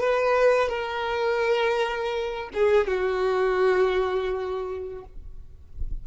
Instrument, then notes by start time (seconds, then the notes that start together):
violin
0.00 B4
0.68 A#4
2.53 G#4
2.87 F#4